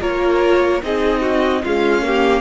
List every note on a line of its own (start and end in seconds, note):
0.00 0.82 A#3
0.00 0.81 F4
0.00 0.82 A#4
0.00 0.83 C#5
0.82 1.64 C4
0.82 1.64 D#4
0.82 1.21 G#4
0.82 1.64 D#5
1.21 1.62 F#4
1.63 2.02 G#3
1.63 2.41 C#4
1.63 2.03 F4
1.63 2.41 F5
2.02 2.41 A#3
2.02 2.41 G4